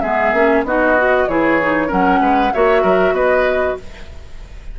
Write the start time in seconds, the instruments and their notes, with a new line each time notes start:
0.00 bassoon G#3, clarinet B3, oboe G#4, flute E5
0.33 bassoon A#3, clarinet C#4
0.64 bassoon B3, clarinet D#4, oboe F#4, flute D#5
0.97 clarinet F#4
1.28 bassoon E3, clarinet E4, oboe G#4, flute C#5
1.62 clarinet D#4
1.88 bassoon F#3, clarinet C#4, oboe A#4, flute F#5
2.20 bassoon G#3, oboe B4
2.53 bassoon A#3, clarinet F#4, oboe C#5, flute E5
2.83 bassoon F#3, oboe A#4
3.12 bassoon B3, oboe B4, flute D#5